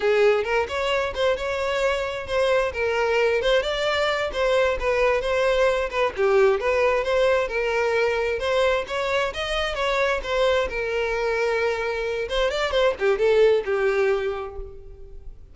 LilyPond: \new Staff \with { instrumentName = "violin" } { \time 4/4 \tempo 4 = 132 gis'4 ais'8 cis''4 c''8 cis''4~ | cis''4 c''4 ais'4. c''8 | d''4. c''4 b'4 c''8~ | c''4 b'8 g'4 b'4 c''8~ |
c''8 ais'2 c''4 cis''8~ | cis''8 dis''4 cis''4 c''4 ais'8~ | ais'2. c''8 d''8 | c''8 g'8 a'4 g'2 | }